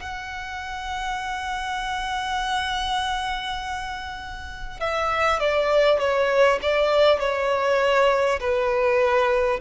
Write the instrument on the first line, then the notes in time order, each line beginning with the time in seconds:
violin
0.00 F#5
4.80 E5
5.40 D5
5.99 C#5
6.62 D5
7.20 C#5
8.40 B4